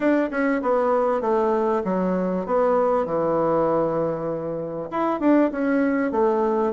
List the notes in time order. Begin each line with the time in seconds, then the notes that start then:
0.00 D4
0.30 C#4
0.62 B3
1.21 A3
1.84 F#3
2.46 B3
3.05 E3
4.90 E4
5.20 D4
5.51 C#4
6.11 A3